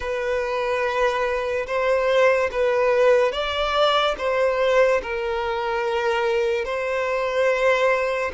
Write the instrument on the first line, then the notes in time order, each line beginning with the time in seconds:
violin
0.00 B4
1.66 C5
2.52 B4
3.31 D5
4.17 C5
5.02 A#4
6.64 C5